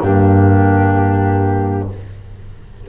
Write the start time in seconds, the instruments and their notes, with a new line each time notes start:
0.00 double bass G2, saxophone A#3, clarinet D4, flute G4